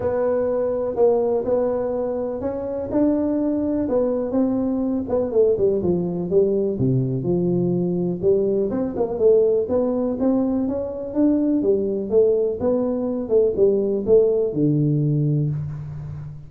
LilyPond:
\new Staff \with { instrumentName = "tuba" } { \time 4/4 \tempo 4 = 124 b2 ais4 b4~ | b4 cis'4 d'2 | b4 c'4. b8 a8 g8 | f4 g4 c4 f4~ |
f4 g4 c'8 ais8 a4 | b4 c'4 cis'4 d'4 | g4 a4 b4. a8 | g4 a4 d2 | }